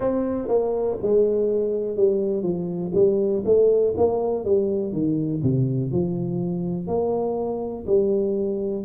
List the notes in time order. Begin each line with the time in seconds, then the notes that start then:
0.00 C4
0.47 A#3
1.01 G#3
1.96 G3
2.42 F3
2.94 G3
3.45 A3
3.97 A#3
4.44 G3
4.92 D#3
5.42 C3
5.92 F3
6.87 A#3
7.86 G3